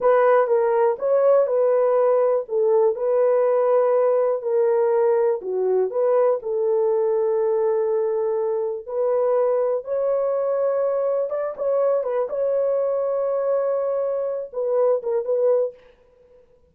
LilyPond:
\new Staff \with { instrumentName = "horn" } { \time 4/4 \tempo 4 = 122 b'4 ais'4 cis''4 b'4~ | b'4 a'4 b'2~ | b'4 ais'2 fis'4 | b'4 a'2.~ |
a'2 b'2 | cis''2. d''8 cis''8~ | cis''8 b'8 cis''2.~ | cis''4. b'4 ais'8 b'4 | }